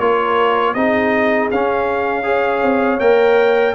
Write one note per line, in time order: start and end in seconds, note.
0.00 0.75 A#3
0.00 0.76 F4
0.00 0.75 A#4
0.00 0.75 C#5
0.75 1.50 C4
0.75 1.52 D#4
0.75 2.26 G#4
0.75 1.50 D#5
1.51 2.62 C#4
1.51 2.24 C#4
1.51 3.00 F5
2.24 2.99 G#4
2.24 3.75 C#5
2.62 3.00 C4
3.00 3.75 A#3
3.00 3.75 A#4
3.00 3.75 G5